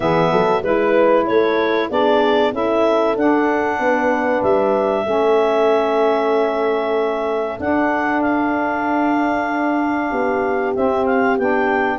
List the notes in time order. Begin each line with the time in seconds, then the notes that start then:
0.00 E3 B3 G#4 E5
0.31 F#3 A4
0.62 G#3 E4 B4
1.26 A3 A4 C#5
1.89 B3 D4 G#4 D5
2.52 C#4 E4 A4 E5
3.15 D4 F#5
3.79 B3 B4
4.42 G3 E5
5.04 A3 C#4 A4
7.59 D4 F#5
8.21 F5
10.09 B3 G4
10.75 C4 E5
11.05 F5
11.37 B3 D4 G5